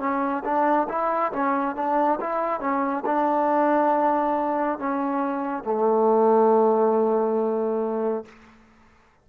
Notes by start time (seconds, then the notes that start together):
0.00 C#4
0.45 D4
0.89 E4
1.32 C#4
1.76 D4
2.21 E4
2.60 C#4
3.06 D4
4.79 C#4
5.64 A3